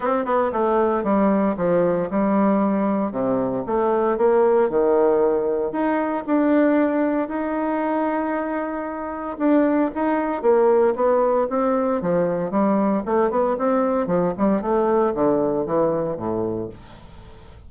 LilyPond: \new Staff \with { instrumentName = "bassoon" } { \time 4/4 \tempo 4 = 115 c'8 b8 a4 g4 f4 | g2 c4 a4 | ais4 dis2 dis'4 | d'2 dis'2~ |
dis'2 d'4 dis'4 | ais4 b4 c'4 f4 | g4 a8 b8 c'4 f8 g8 | a4 d4 e4 a,4 | }